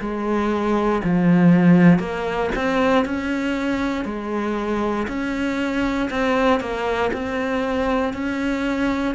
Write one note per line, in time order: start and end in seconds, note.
0.00 1.02 G#3
1.04 1.99 F3
1.99 2.50 A#3
2.56 3.05 C4
3.05 4.05 C#4
4.05 5.07 G#3
5.08 6.09 C#4
6.10 6.60 C4
6.60 7.11 A#3
7.13 8.13 C4
8.13 9.15 C#4